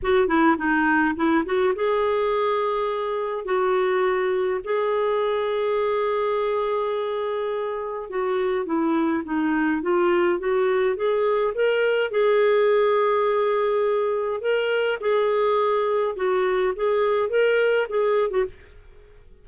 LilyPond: \new Staff \with { instrumentName = "clarinet" } { \time 4/4 \tempo 4 = 104 fis'8 e'8 dis'4 e'8 fis'8 gis'4~ | gis'2 fis'2 | gis'1~ | gis'2 fis'4 e'4 |
dis'4 f'4 fis'4 gis'4 | ais'4 gis'2.~ | gis'4 ais'4 gis'2 | fis'4 gis'4 ais'4 gis'8. fis'16 | }